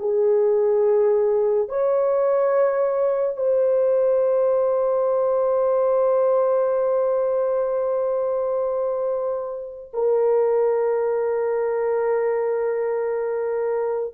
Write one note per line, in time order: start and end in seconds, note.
0.00 1.69 G#4
1.69 3.37 C#5
3.37 9.92 C5
9.94 14.15 A#4